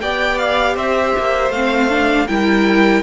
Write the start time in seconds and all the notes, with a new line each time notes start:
0.00 B3 G4 D5 G5
0.38 F5
0.75 C4 C5 E5
1.18 A#3
1.49 A3 C4 F5
1.89 D4
2.27 G3 E4 A#4 G5